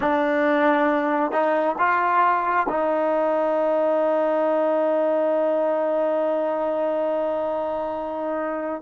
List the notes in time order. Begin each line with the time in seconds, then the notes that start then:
0.00 D4
1.31 D#4
1.78 F4
2.68 D#4